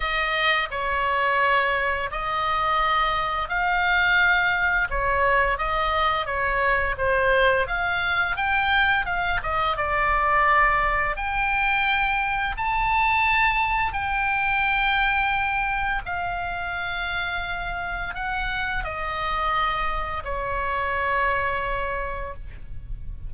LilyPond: \new Staff \with { instrumentName = "oboe" } { \time 4/4 \tempo 4 = 86 dis''4 cis''2 dis''4~ | dis''4 f''2 cis''4 | dis''4 cis''4 c''4 f''4 | g''4 f''8 dis''8 d''2 |
g''2 a''2 | g''2. f''4~ | f''2 fis''4 dis''4~ | dis''4 cis''2. | }